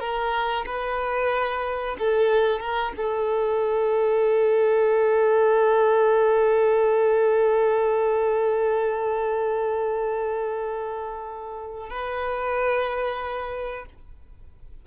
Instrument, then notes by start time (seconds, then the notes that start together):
violin
0.00 A#4
0.66 B4
2.00 A4
2.60 A#4
2.97 A4
11.90 B4